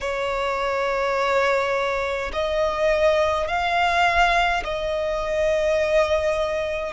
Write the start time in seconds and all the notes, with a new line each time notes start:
0.00 C#5
2.32 D#5
3.47 F5
4.64 D#5